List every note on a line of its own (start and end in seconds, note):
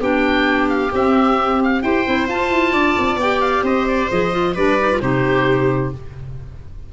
0.00 0.91 B3
0.00 0.91 D4
0.00 1.83 G4
0.00 0.69 G5
0.69 0.92 F5
0.91 1.82 C4
0.91 1.84 C4
0.91 1.63 E5
1.63 1.83 F5
1.83 2.06 E4
1.83 2.06 G4
1.83 2.73 C5
1.83 2.28 G5
2.06 2.28 C4
2.06 2.28 E4
2.28 2.51 F4
2.28 3.21 F4
2.28 3.20 A5
2.51 2.73 E4
2.73 2.96 D4
2.73 3.64 D5
2.99 3.16 C4
3.16 3.62 B3
3.16 4.11 G4
3.16 3.41 G5
3.41 3.64 F5
3.63 4.09 C4
3.63 4.55 C5
3.63 3.88 D#5
3.88 4.11 D5
4.11 4.57 F3
4.11 4.32 G#4
4.11 4.56 D#5
4.32 4.54 F4
4.55 5.02 G3
4.55 4.79 D4
4.55 5.00 B4
4.55 5.01 D5
4.80 4.91 D#4
4.92 5.02 F4
5.01 5.93 C3
5.01 5.93 D#4
5.01 5.93 G4
5.01 5.92 C5